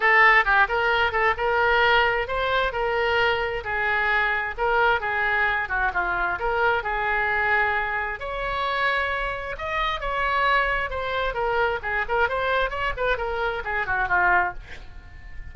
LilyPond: \new Staff \with { instrumentName = "oboe" } { \time 4/4 \tempo 4 = 132 a'4 g'8 ais'4 a'8 ais'4~ | ais'4 c''4 ais'2 | gis'2 ais'4 gis'4~ | gis'8 fis'8 f'4 ais'4 gis'4~ |
gis'2 cis''2~ | cis''4 dis''4 cis''2 | c''4 ais'4 gis'8 ais'8 c''4 | cis''8 b'8 ais'4 gis'8 fis'8 f'4 | }